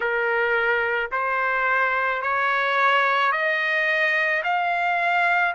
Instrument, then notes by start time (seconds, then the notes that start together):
trumpet
0.00 A#4
1.11 C5
2.22 C#5
3.31 D#5
4.43 F5